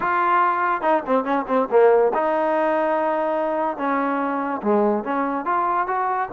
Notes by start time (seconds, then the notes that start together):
0.00 F4
0.81 D#4
1.06 C4
1.24 C#4
1.47 C4
1.70 A#3
2.14 D#4
3.77 C#4
4.62 G#3
5.04 C#4
5.45 F4
5.87 F#4